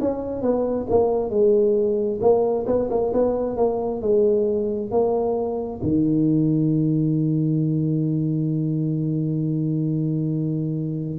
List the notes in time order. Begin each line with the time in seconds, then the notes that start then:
0.00 C#4
0.42 B3
0.90 A#3
1.30 G#3
2.21 A#3
2.67 B3
2.90 A#3
3.13 B3
3.57 A#3
4.01 G#3
4.91 A#3
5.82 D#3